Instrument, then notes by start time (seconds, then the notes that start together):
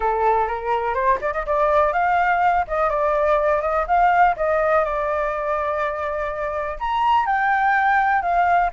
flute
0.00 A4
0.47 A#4
0.94 C5
1.21 D5
1.33 D#5
1.45 D5
1.92 F5
2.67 D#5
2.89 D5
3.61 D#5
3.87 F5
4.36 D#5
4.84 D5
6.79 A#5
7.26 G5
8.21 F5